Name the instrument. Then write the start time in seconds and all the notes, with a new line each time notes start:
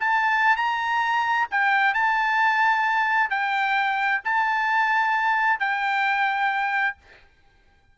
trumpet
0.00 A5
0.56 A#5
1.51 G5
1.94 A5
3.30 G5
4.24 A5
5.59 G5